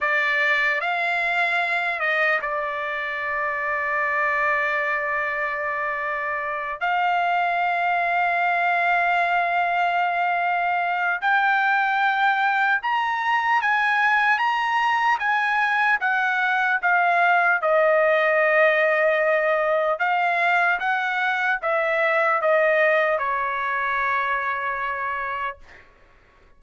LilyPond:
\new Staff \with { instrumentName = "trumpet" } { \time 4/4 \tempo 4 = 75 d''4 f''4. dis''8 d''4~ | d''1~ | d''8 f''2.~ f''8~ | f''2 g''2 |
ais''4 gis''4 ais''4 gis''4 | fis''4 f''4 dis''2~ | dis''4 f''4 fis''4 e''4 | dis''4 cis''2. | }